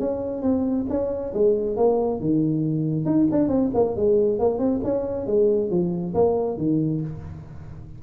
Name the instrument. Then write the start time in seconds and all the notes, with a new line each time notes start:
tuba
0.00 C#4
0.42 C4
0.90 C#4
1.34 G#3
1.77 A#3
2.21 D#3
3.06 D#4
3.32 D4
3.49 C4
3.74 A#3
3.97 G#3
4.39 A#3
4.59 C4
4.84 C#4
5.27 G#3
5.70 F3
6.15 A#3
6.58 D#3